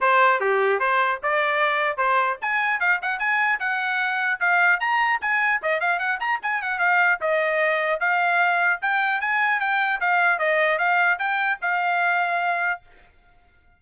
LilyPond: \new Staff \with { instrumentName = "trumpet" } { \time 4/4 \tempo 4 = 150 c''4 g'4 c''4 d''4~ | d''4 c''4 gis''4 f''8 fis''8 | gis''4 fis''2 f''4 | ais''4 gis''4 dis''8 f''8 fis''8 ais''8 |
gis''8 fis''8 f''4 dis''2 | f''2 g''4 gis''4 | g''4 f''4 dis''4 f''4 | g''4 f''2. | }